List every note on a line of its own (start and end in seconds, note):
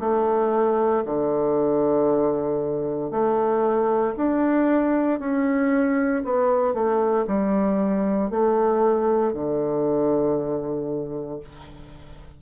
0.00 1.03 A3
1.05 3.11 D3
3.11 4.15 A3
4.17 5.20 D4
5.20 6.23 C#4
6.24 6.74 B3
6.74 7.26 A3
7.27 8.30 G3
8.30 9.33 A3
9.33 11.40 D3